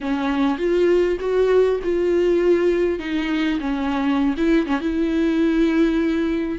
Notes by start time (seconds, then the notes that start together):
0.00 C#4
0.58 F4
1.20 F#4
1.83 F4
2.99 D#4
3.60 C#4
4.37 E4
4.66 C#4
4.80 E4